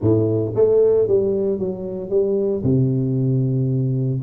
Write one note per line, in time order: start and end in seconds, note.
0.01 0.53 A2
0.55 1.07 A3
1.07 1.58 G3
1.58 2.09 F#3
2.09 2.62 G3
2.63 4.21 C3